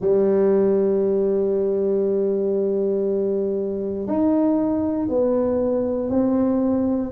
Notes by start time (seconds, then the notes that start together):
0.00 G3
4.07 D#4
5.08 B3
6.10 C4